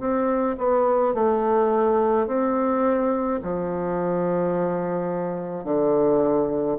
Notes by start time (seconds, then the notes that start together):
0.00 C4
0.58 B3
1.15 A3
2.27 C4
3.43 F3
5.64 D3